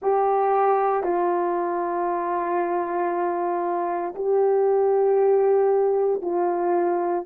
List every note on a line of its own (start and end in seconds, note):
0.01 1.03 G4
1.03 4.14 F4
4.15 6.21 G4
6.21 7.25 F4